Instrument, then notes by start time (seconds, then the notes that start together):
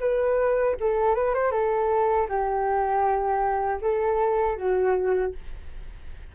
flute
0.00 B4
0.80 A4
1.15 B4
1.35 C5
1.52 A4
2.29 G4
3.82 A4
4.57 F#4